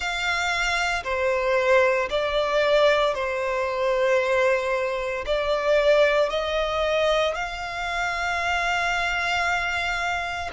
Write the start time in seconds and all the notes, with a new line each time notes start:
0.00 F5
1.03 C5
2.10 D5
3.14 C5
5.25 D5
6.29 D#5
7.34 F5